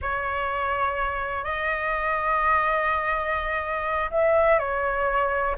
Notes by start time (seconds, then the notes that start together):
0.01 C#5
1.44 D#5
4.10 E5
4.59 C#5